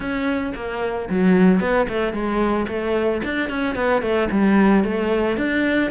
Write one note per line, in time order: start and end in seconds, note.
0.00 0.52 C#4
0.55 1.09 A#3
1.09 1.60 F#3
1.60 1.87 B3
1.88 2.13 A3
2.13 2.66 G#3
2.68 3.21 A3
3.24 3.49 D4
3.49 3.75 C#4
3.75 4.02 B3
4.02 4.28 A3
4.31 4.84 G3
4.84 5.37 A3
5.37 5.90 D4